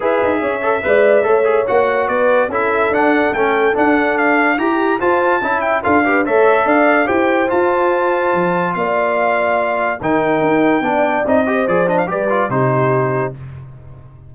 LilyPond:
<<
  \new Staff \with { instrumentName = "trumpet" } { \time 4/4 \tempo 4 = 144 e''1 | fis''4 d''4 e''4 fis''4 | g''4 fis''4 f''4 ais''4 | a''4. g''8 f''4 e''4 |
f''4 g''4 a''2~ | a''4 f''2. | g''2. dis''4 | d''8 dis''16 f''16 d''4 c''2 | }
  \new Staff \with { instrumentName = "horn" } { \time 4/4 b'4 cis''4 d''4 cis''4~ | cis''4 b'4 a'2~ | a'2. g'4 | c''4 e''4 a'8 b'8 cis''4 |
d''4 c''2.~ | c''4 d''2. | ais'2 d''4. c''8~ | c''4 b'4 g'2 | }
  \new Staff \with { instrumentName = "trombone" } { \time 4/4 gis'4. a'8 b'4 a'8 gis'8 | fis'2 e'4 d'4 | cis'4 d'2 g'4 | f'4 e'4 f'8 g'8 a'4~ |
a'4 g'4 f'2~ | f'1 | dis'2 d'4 dis'8 g'8 | gis'8 d'8 g'8 f'8 dis'2 | }
  \new Staff \with { instrumentName = "tuba" } { \time 4/4 e'8 dis'8 cis'4 gis4 a4 | ais4 b4 cis'4 d'4 | a4 d'2 e'4 | f'4 cis'4 d'4 a4 |
d'4 e'4 f'2 | f4 ais2. | dis4 dis'4 b4 c'4 | f4 g4 c2 | }
>>